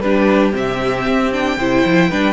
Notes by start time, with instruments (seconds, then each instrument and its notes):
0.00 cello G3, viola D4, violin G4 B4
0.52 cello C3, viola C4, violin E5
1.06 cello C4
1.32 viola D4, violin G5
1.57 cello C3, viola E4, violin C5
1.85 cello F3
2.09 cello G3, viola D4, violin B4